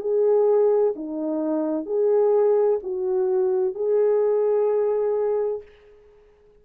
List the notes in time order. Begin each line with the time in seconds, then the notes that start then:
0.00 G#4
0.96 D#4
1.86 G#4
2.83 F#4
3.75 G#4